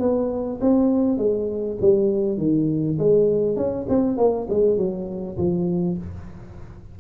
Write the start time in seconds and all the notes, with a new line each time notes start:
0.00 B3
0.61 C4
1.18 G#3
1.81 G3
2.38 D#3
2.99 G#3
3.57 C#4
3.89 C4
4.18 A#3
4.50 G#3
4.78 F#3
5.38 F3